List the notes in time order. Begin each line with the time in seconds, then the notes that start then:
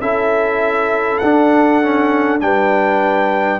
0.00 C#4 E4 A4 E5
1.18 D4 F#5
1.82 C#4
2.40 G3 D4 B4 G5